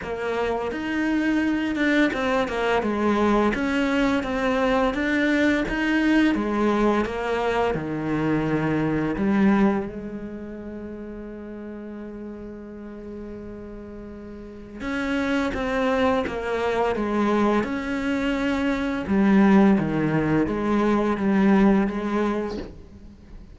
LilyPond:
\new Staff \with { instrumentName = "cello" } { \time 4/4 \tempo 4 = 85 ais4 dis'4. d'8 c'8 ais8 | gis4 cis'4 c'4 d'4 | dis'4 gis4 ais4 dis4~ | dis4 g4 gis2~ |
gis1~ | gis4 cis'4 c'4 ais4 | gis4 cis'2 g4 | dis4 gis4 g4 gis4 | }